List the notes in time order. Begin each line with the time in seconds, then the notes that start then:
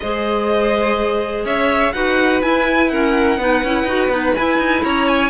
0.00 G#3 G#4 C5 D#5
1.45 C#4 C#5 E5
1.92 D#4 F#4 B4 F#5
2.41 E4 G#5
2.89 C#4 A#4 F#5
3.37 B3 D#4 B4
3.63 C#4 E4
3.83 D#4 F#4
4.08 B3 D#4
4.34 E4 G#5
4.58 D#4
4.83 C#4 C#5 A#5
5.07 G#5